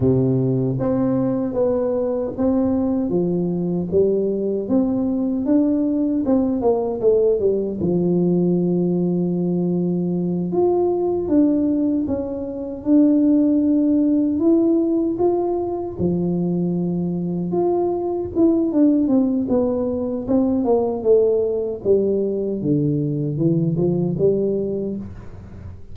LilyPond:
\new Staff \with { instrumentName = "tuba" } { \time 4/4 \tempo 4 = 77 c4 c'4 b4 c'4 | f4 g4 c'4 d'4 | c'8 ais8 a8 g8 f2~ | f4. f'4 d'4 cis'8~ |
cis'8 d'2 e'4 f'8~ | f'8 f2 f'4 e'8 | d'8 c'8 b4 c'8 ais8 a4 | g4 d4 e8 f8 g4 | }